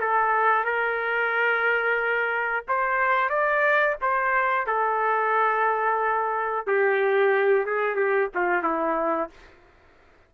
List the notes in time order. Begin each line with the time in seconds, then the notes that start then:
0.00 A4
0.64 A#4
2.68 C5
3.29 D5
4.01 C5
4.66 A4
6.66 G4
7.65 G#4
7.95 G4
8.34 F4
8.63 E4